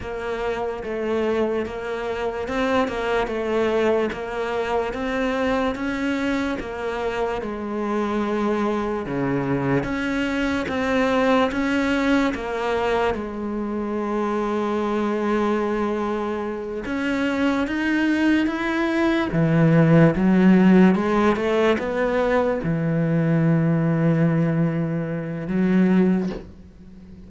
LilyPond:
\new Staff \with { instrumentName = "cello" } { \time 4/4 \tempo 4 = 73 ais4 a4 ais4 c'8 ais8 | a4 ais4 c'4 cis'4 | ais4 gis2 cis4 | cis'4 c'4 cis'4 ais4 |
gis1~ | gis8 cis'4 dis'4 e'4 e8~ | e8 fis4 gis8 a8 b4 e8~ | e2. fis4 | }